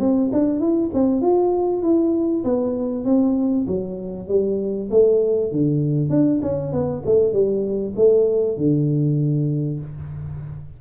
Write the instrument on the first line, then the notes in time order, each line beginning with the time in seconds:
tuba
0.00 C4
0.33 D4
0.60 E4
0.94 C4
1.21 F4
1.83 E4
2.44 B3
3.05 C4
3.68 F#3
4.28 G3
4.91 A3
5.52 D3
6.10 D4
6.42 C#4
6.73 B3
7.06 A3
7.33 G3
7.96 A3
8.58 D3